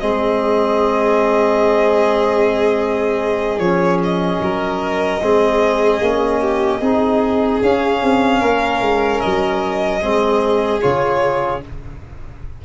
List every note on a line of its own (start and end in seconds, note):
0.00 3.59 G#3
0.00 3.60 C4
0.00 4.42 G#4
0.00 3.59 D#5
3.59 4.39 F3
3.59 5.20 C#4
3.59 3.99 C#5
4.04 7.62 D#5
4.41 5.21 F#3
4.41 5.23 A#4
5.22 6.01 G#3
5.22 6.02 C4
5.22 6.41 G#4
6.01 6.81 A#3
6.01 6.82 C#4
6.41 6.81 G4
6.81 7.61 C4
6.81 7.62 D#4
6.81 8.40 G#4
7.62 8.02 C#4
7.62 10.02 C#4
7.62 9.20 F5
8.02 8.42 C4
8.40 8.80 A#3
8.40 10.00 A#4
8.80 9.21 G#3
9.20 10.02 F#3
9.20 10.80 D#5
10.02 10.82 G#3
10.02 10.82 C4
10.02 11.62 G#4
10.81 11.65 C#3
10.81 11.62 F4
10.81 11.61 C#5